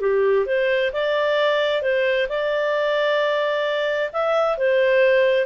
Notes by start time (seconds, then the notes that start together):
0.00 G4
0.45 C5
0.92 D5
1.82 C5
2.29 D5
4.13 E5
4.57 C5